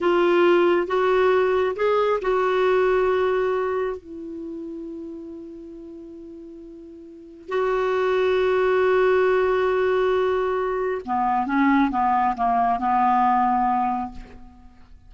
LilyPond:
\new Staff \with { instrumentName = "clarinet" } { \time 4/4 \tempo 4 = 136 f'2 fis'2 | gis'4 fis'2.~ | fis'4 e'2.~ | e'1~ |
e'4 fis'2.~ | fis'1~ | fis'4 b4 cis'4 b4 | ais4 b2. | }